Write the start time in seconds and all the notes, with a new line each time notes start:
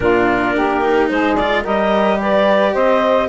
0.00 A#2 D4 F4 A#4
0.55 A#3 G4
0.81 D#4
1.08 G#3 G#4 C5
1.35 F4 D5
1.62 G3 G4 A#4 D#5
2.20 B4 D5
2.73 C4 C5 D#5